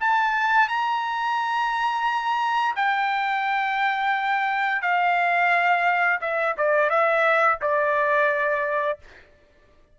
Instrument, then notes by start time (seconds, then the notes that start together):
trumpet
0.00 A5
0.68 A#5
2.75 G5
4.82 F5
6.21 E5
6.57 D5
6.89 E5
7.61 D5